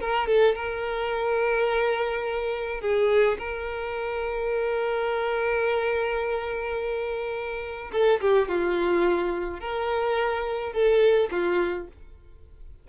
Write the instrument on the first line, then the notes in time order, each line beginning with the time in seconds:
violin
0.00 A#4
0.27 A4
0.55 A#4
2.81 G#4
3.38 A#4
7.92 A4
8.21 G4
8.48 F4
9.60 A#4
10.73 A4
11.31 F4